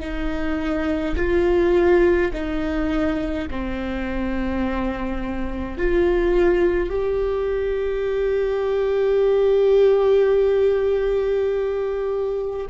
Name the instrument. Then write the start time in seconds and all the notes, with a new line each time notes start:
viola
0.00 D#4
1.16 F4
2.33 D#4
3.51 C4
5.78 F4
6.90 G4